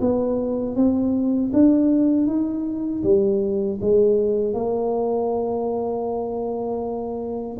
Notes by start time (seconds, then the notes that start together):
0.00 B3
0.75 C4
1.53 D4
2.26 D#4
3.03 G3
3.80 G#3
4.53 A#3